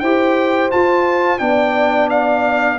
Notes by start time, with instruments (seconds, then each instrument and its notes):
0.00 tuba E4, trombone G4, horn C5, trumpet G5
0.72 trombone F4, tuba F4, trumpet A5
1.39 tuba B3, trombone D4, horn D5, trumpet G5
2.10 trumpet F5